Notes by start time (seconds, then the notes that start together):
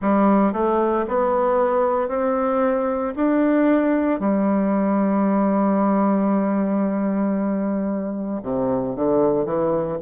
0.01 G3
0.53 A3
1.08 B3
2.08 C4
3.16 D4
4.19 G3
8.43 C3
8.95 D3
9.45 E3